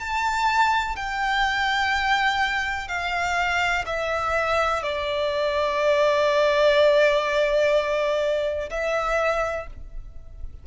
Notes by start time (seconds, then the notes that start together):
0.00 A5
0.96 G5
2.88 F5
3.86 E5
4.83 D5
8.70 E5